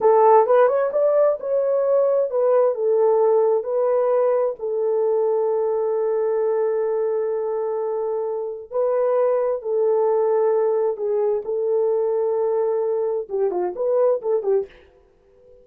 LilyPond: \new Staff \with { instrumentName = "horn" } { \time 4/4 \tempo 4 = 131 a'4 b'8 cis''8 d''4 cis''4~ | cis''4 b'4 a'2 | b'2 a'2~ | a'1~ |
a'2. b'4~ | b'4 a'2. | gis'4 a'2.~ | a'4 g'8 f'8 b'4 a'8 g'8 | }